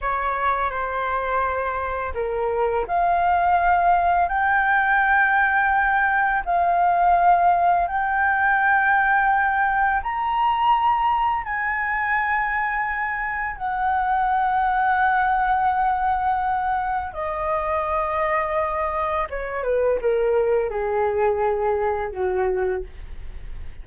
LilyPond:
\new Staff \with { instrumentName = "flute" } { \time 4/4 \tempo 4 = 84 cis''4 c''2 ais'4 | f''2 g''2~ | g''4 f''2 g''4~ | g''2 ais''2 |
gis''2. fis''4~ | fis''1 | dis''2. cis''8 b'8 | ais'4 gis'2 fis'4 | }